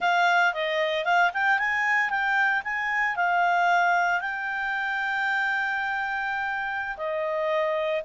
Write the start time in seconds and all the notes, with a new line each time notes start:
0.00 F5
0.53 D#5
1.05 F5
1.33 G5
1.58 G#5
2.09 G5
2.64 G#5
3.16 F5
4.20 G5
6.97 D#5